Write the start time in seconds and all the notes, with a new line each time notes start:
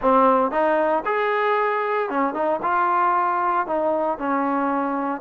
0.01 C4
0.51 D#4
1.05 G#4
2.09 C#4
2.34 D#4
2.62 F4
3.66 D#4
4.18 C#4